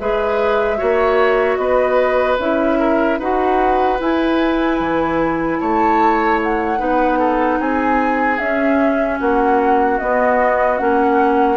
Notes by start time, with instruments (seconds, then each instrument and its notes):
0.00 bassoon G#3, clarinet G#4, oboe B4, flute E5
0.78 bassoon A#3, clarinet F#4, oboe C#5
1.57 bassoon B3, oboe B4, flute D#5
2.39 bassoon C#4, clarinet E4, flute E5
2.80 oboe A#4
3.19 bassoon D#4, clarinet F#4, oboe B4, flute F#5
3.99 clarinet E4, bassoon E4, flute G#5
4.80 bassoon E3
5.61 bassoon A3, oboe C#5, flute A5
6.43 flute F#5
6.78 bassoon B3, clarinet D#4, oboe B4
7.19 oboe A4
7.60 bassoon C4, oboe G#4, flute G#5
8.38 bassoon C#4, clarinet C#4, flute E5
9.19 bassoon A#3, oboe F#4, flute F#5
9.99 clarinet B3, bassoon B3, flute D#5
10.78 bassoon A#3, clarinet C#4, flute F#5